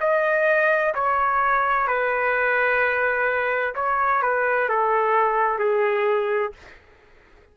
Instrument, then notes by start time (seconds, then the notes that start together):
trumpet
0.00 D#5
0.95 C#5
1.87 B4
3.75 C#5
4.22 B4
4.69 A4
5.59 G#4